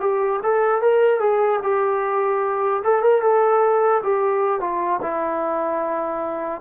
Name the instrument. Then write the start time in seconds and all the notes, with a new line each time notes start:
trombone
0.00 G4
0.43 A4
0.81 A#4
1.20 G#4
1.63 G4
2.84 A4
3.03 A#4
3.22 A4
4.03 G4
4.60 F4
5.02 E4